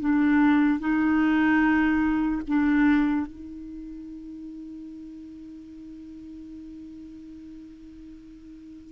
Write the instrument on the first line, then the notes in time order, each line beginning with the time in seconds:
clarinet
0.00 D4
0.80 D#4
2.47 D4
3.26 D#4